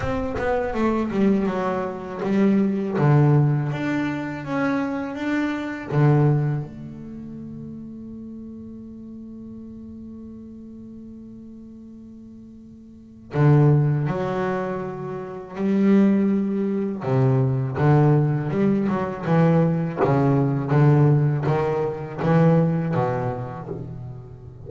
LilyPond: \new Staff \with { instrumentName = "double bass" } { \time 4/4 \tempo 4 = 81 c'8 b8 a8 g8 fis4 g4 | d4 d'4 cis'4 d'4 | d4 a2.~ | a1~ |
a2 d4 fis4~ | fis4 g2 c4 | d4 g8 fis8 e4 cis4 | d4 dis4 e4 b,4 | }